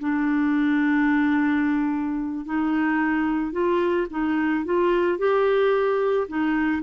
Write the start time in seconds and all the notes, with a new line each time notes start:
0.00 D4
2.45 D#4
3.52 F4
4.11 D#4
4.65 F4
5.18 G4
6.28 D#4